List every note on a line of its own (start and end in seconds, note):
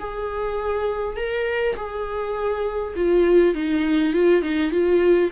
0.00 1.17 G#4
1.17 1.75 A#4
1.76 2.94 G#4
2.96 3.55 F4
3.55 4.13 D#4
4.13 4.43 F4
4.43 4.71 D#4
4.71 5.30 F4